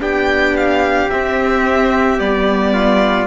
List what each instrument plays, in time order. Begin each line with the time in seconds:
0.00 cello B3, viola D4, trumpet G4, violin G5
0.56 violin F5
1.10 viola C4, cello C4, violin E5
2.18 cello G3, viola B3, violin D5
2.73 trumpet F4